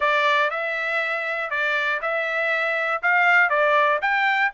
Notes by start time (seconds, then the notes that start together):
0.00 D5
0.50 E5
1.50 D5
2.01 E5
3.02 F5
3.49 D5
4.01 G5